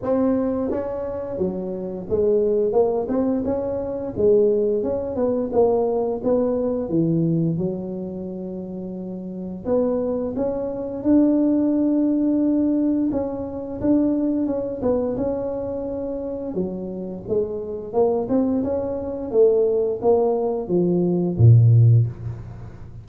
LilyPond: \new Staff \with { instrumentName = "tuba" } { \time 4/4 \tempo 4 = 87 c'4 cis'4 fis4 gis4 | ais8 c'8 cis'4 gis4 cis'8 b8 | ais4 b4 e4 fis4~ | fis2 b4 cis'4 |
d'2. cis'4 | d'4 cis'8 b8 cis'2 | fis4 gis4 ais8 c'8 cis'4 | a4 ais4 f4 ais,4 | }